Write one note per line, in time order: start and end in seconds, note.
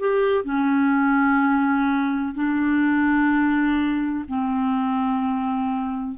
0.00 0.44 G4
0.44 2.35 C#4
2.35 4.25 D4
4.29 6.18 C4